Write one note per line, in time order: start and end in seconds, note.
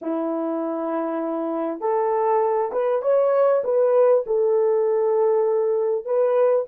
0.01 1.80 E4
1.80 2.71 A4
2.72 3.01 B4
3.01 3.62 C#5
3.64 4.24 B4
4.26 6.05 A4
6.05 6.65 B4